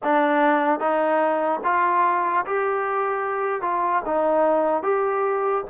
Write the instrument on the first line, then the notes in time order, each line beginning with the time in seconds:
trombone
0.03 D4
0.79 D#4
1.64 F4
2.46 G4
3.61 F4
4.05 D#4
4.82 G4